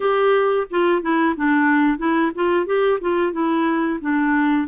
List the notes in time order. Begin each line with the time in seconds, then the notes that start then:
0.00 G4
0.70 F4
1.02 E4
1.36 D4
1.98 E4
2.34 F4
2.65 G4
3.00 F4
3.32 E4
4.01 D4